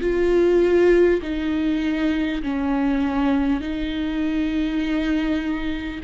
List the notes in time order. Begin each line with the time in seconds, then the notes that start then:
0.00 F4
1.22 D#4
2.42 C#4
3.61 D#4